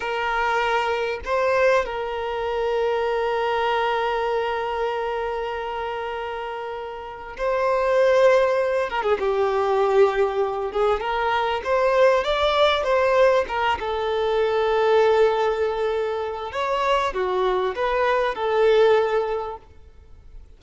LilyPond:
\new Staff \with { instrumentName = "violin" } { \time 4/4 \tempo 4 = 98 ais'2 c''4 ais'4~ | ais'1~ | ais'1 | c''2~ c''8 ais'16 gis'16 g'4~ |
g'4. gis'8 ais'4 c''4 | d''4 c''4 ais'8 a'4.~ | a'2. cis''4 | fis'4 b'4 a'2 | }